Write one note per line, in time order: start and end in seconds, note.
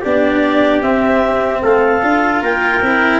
0.00 0.81 B3
0.00 0.83 D4
0.00 1.60 G4
0.00 0.82 D5
0.81 1.61 C4
0.81 2.02 C4
0.81 1.62 E5
1.62 2.02 A3
1.62 2.42 A4
1.62 2.44 F5
2.02 2.41 D4
2.02 2.82 F4
2.41 2.81 A#3
2.41 3.19 A#4
2.41 3.19 G5
2.82 3.19 C4
2.82 3.19 E4